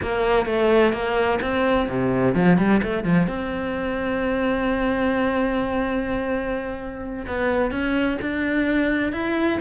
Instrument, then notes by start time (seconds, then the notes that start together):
cello
0.02 A#3
0.46 A3
0.92 A#3
1.41 C4
1.89 C3
2.34 F3
2.57 G3
2.83 A3
3.03 F3
3.27 C4
7.26 B3
7.71 C#4
8.21 D4
9.12 E4